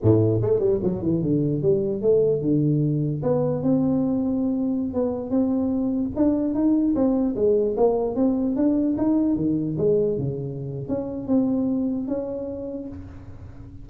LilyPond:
\new Staff \with { instrumentName = "tuba" } { \time 4/4 \tempo 4 = 149 a,4 a8 g8 fis8 e8 d4 | g4 a4 d2 | b4 c'2.~ | c'16 b4 c'2 d'8.~ |
d'16 dis'4 c'4 gis4 ais8.~ | ais16 c'4 d'4 dis'4 dis8.~ | dis16 gis4 cis4.~ cis16 cis'4 | c'2 cis'2 | }